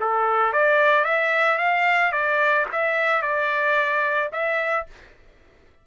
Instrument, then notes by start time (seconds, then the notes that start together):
trumpet
0.00 A4
0.52 D5
1.04 E5
1.58 F5
2.12 D5
2.72 E5
3.22 D5
4.32 E5